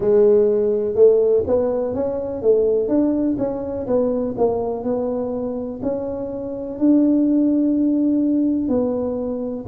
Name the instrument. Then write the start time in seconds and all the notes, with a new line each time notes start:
tuba
0.00 G#3
0.94 A3
1.46 B3
1.94 C#4
2.41 A3
2.88 D4
3.38 C#4
3.86 B3
4.37 A#3
4.83 B3
5.82 C#4
6.78 D4
8.68 B3